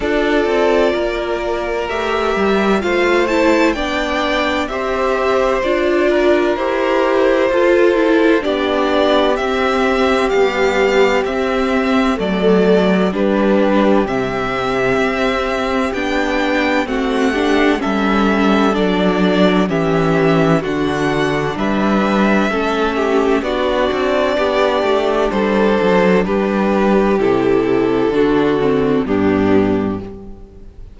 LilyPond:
<<
  \new Staff \with { instrumentName = "violin" } { \time 4/4 \tempo 4 = 64 d''2 e''4 f''8 a''8 | g''4 e''4 d''4 c''4~ | c''4 d''4 e''4 f''4 | e''4 d''4 b'4 e''4~ |
e''4 g''4 fis''4 e''4 | d''4 e''4 fis''4 e''4~ | e''4 d''2 c''4 | b'4 a'2 g'4 | }
  \new Staff \with { instrumentName = "violin" } { \time 4/4 a'4 ais'2 c''4 | d''4 c''4. ais'4. | a'4 g'2.~ | g'4 a'4 g'2~ |
g'2 fis'8 g'8 a'4~ | a'4 g'4 fis'4 b'4 | a'8 g'8 fis'4 g'4 a'4 | g'2 fis'4 d'4 | }
  \new Staff \with { instrumentName = "viola" } { \time 4/4 f'2 g'4 f'8 e'8 | d'4 g'4 f'4 g'4 | f'8 e'8 d'4 c'4 g4 | c'4 a4 d'4 c'4~ |
c'4 d'4 c'8 d'8 cis'4 | d'4 cis'4 d'2 | cis'4 d'2.~ | d'4 e'4 d'8 c'8 b4 | }
  \new Staff \with { instrumentName = "cello" } { \time 4/4 d'8 c'8 ais4 a8 g8 a4 | b4 c'4 d'4 e'4 | f'4 b4 c'4 b4 | c'4 fis4 g4 c4 |
c'4 b4 a4 g4 | fis4 e4 d4 g4 | a4 b8 c'8 b8 a8 g8 fis8 | g4 c4 d4 g,4 | }
>>